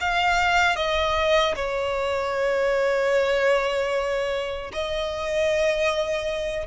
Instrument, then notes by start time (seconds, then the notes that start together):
violin
0.00 F5
0.76 D#5
1.55 C#5
4.73 D#5